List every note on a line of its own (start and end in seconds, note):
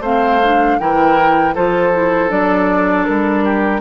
0.00 0.76 A3
0.00 0.41 C4
0.00 0.77 C5
0.00 0.78 F5
0.43 0.80 D4
0.78 1.55 E3
0.78 1.55 E4
0.78 1.54 A#4
0.78 1.54 G5
1.54 2.30 F3
1.54 1.93 F4
1.54 3.44 A4
1.54 2.30 C5
1.94 2.28 E4
2.28 3.06 F#3
2.28 3.80 D4
2.28 3.05 D5
3.05 3.80 G3
3.05 3.80 A#4
3.44 3.80 G4